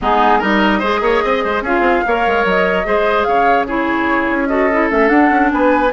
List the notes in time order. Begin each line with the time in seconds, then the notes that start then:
0.01 G#3 B3 D#4 G#4
0.38 G3 D#4 A#4 D#5
0.79 G#3 G#4 C5
1.00 A#3 C#5
1.23 C4 D#5
1.44 G#3 C5
1.61 C#4 F4 G#4 F5
1.80 C4
2.05 A#3 A#4 C#5
2.26 G#3
2.44 F#3 D#5
2.84 G#3 G#4 C5
3.23 C#3 C#5 F5
3.66 E4 G#4 C#5
4.29 C#4
4.47 F#4 A4 D#5
4.72 E4
4.90 A3 C#4 E5
5.07 D4 F#5
5.30 C#4
5.51 B3 B4 G#5